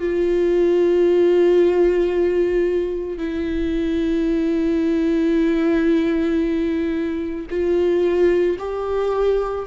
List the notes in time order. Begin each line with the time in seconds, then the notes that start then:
0.00 F4
3.19 E4
7.50 F4
8.59 G4